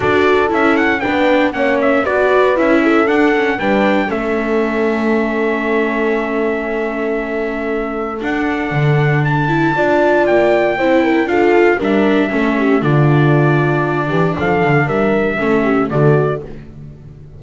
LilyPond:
<<
  \new Staff \with { instrumentName = "trumpet" } { \time 4/4 \tempo 4 = 117 d''4 e''8 fis''8 g''4 fis''8 e''8 | d''4 e''4 fis''4 g''4 | e''1~ | e''1 |
fis''2 a''2 | g''2 f''4 e''4~ | e''4 d''2. | f''4 e''2 d''4 | }
  \new Staff \with { instrumentName = "horn" } { \time 4/4 a'2 b'4 cis''4 | b'4. a'4. b'4 | a'1~ | a'1~ |
a'2. d''4~ | d''4 c''8 ais'8 a'4 ais'4 | a'8 g'8 f'2~ f'8 g'8 | a'4 ais'4 a'8 g'8 fis'4 | }
  \new Staff \with { instrumentName = "viola" } { \time 4/4 fis'4 e'4 d'4 cis'4 | fis'4 e'4 d'8 cis'8 d'4 | cis'1~ | cis'1 |
d'2~ d'8 e'8 f'4~ | f'4 e'4 f'4 d'4 | cis'4 d'2.~ | d'2 cis'4 a4 | }
  \new Staff \with { instrumentName = "double bass" } { \time 4/4 d'4 cis'4 b4 ais4 | b4 cis'4 d'4 g4 | a1~ | a1 |
d'4 d2 d'4 | ais4 c'4 d'4 g4 | a4 d2~ d8 e8 | f8 d8 g4 a4 d4 | }
>>